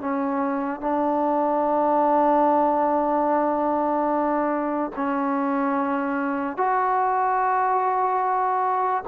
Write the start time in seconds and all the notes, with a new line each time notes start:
0.00 C#4
0.80 D4
4.96 C#4
6.57 F#4